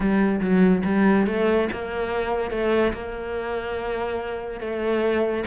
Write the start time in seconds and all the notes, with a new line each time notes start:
0.00 G3
0.41 F#3
0.84 G3
1.26 A3
1.72 A#3
2.51 A3
2.93 A#3
4.60 A3